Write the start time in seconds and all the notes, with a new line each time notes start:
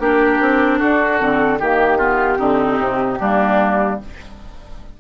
0.00 A#3 D4 G4 A#4
0.40 C4
0.79 D4 F#4 A4
1.19 D3 C4
1.59 D#3 A#3 G4
1.98 B3 F4
2.38 D3 C4 D#4
2.79 C3
3.20 G3 A#3 D4